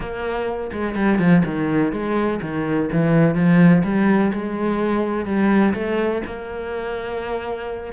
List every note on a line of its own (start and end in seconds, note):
0.00 0.71 A#3
0.72 0.95 G#3
0.95 1.19 G3
1.19 1.43 F3
1.45 1.92 D#3
1.92 2.40 G#3
2.41 2.89 D#3
2.91 3.34 E3
3.34 3.82 F3
3.84 4.32 G3
4.32 5.25 G#3
5.25 5.73 G3
5.74 6.22 A3
6.25 7.93 A#3